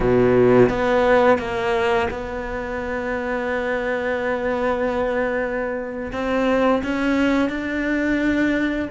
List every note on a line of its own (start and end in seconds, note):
0.00 0.68 B2
0.68 1.38 B3
1.38 2.08 A#3
2.10 6.11 B3
6.12 6.82 C4
6.83 7.49 C#4
7.49 8.89 D4